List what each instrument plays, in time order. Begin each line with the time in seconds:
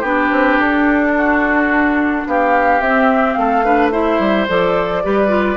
0.00 bassoon B3, clarinet D4, oboe G4, flute B4
0.32 bassoon C4
0.58 bassoon D4, flute A4
1.17 oboe F#4
2.26 bassoon B3, oboe G4, flute F5
2.80 bassoon C4, clarinet C4, flute E5
3.33 bassoon A3, flute F5
3.39 oboe A4
3.64 clarinet D4, oboe B4
3.91 clarinet E4, oboe C5, flute E5
4.19 bassoon G3
4.48 bassoon F3, clarinet A4, flute D5
5.03 bassoon G3, clarinet G4, oboe B4
5.28 clarinet F4